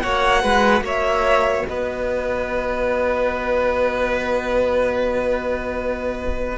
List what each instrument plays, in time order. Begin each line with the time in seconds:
0.00 cello A#3, viola F#4, violin C#5 F#5
0.42 cello G#3, violin B4
0.81 cello A#3, violin C#5
0.87 violin E5
1.67 cello B3, violin B4 D#5